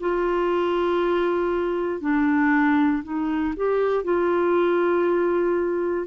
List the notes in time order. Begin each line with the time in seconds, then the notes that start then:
0.00 F4
2.01 D4
3.03 D#4
3.56 G4
4.04 F4